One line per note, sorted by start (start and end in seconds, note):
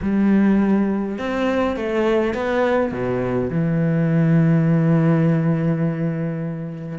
0.02 1.18 G3
1.18 1.76 C4
1.76 2.34 A3
2.34 2.92 B3
2.92 3.50 B2
3.50 6.98 E3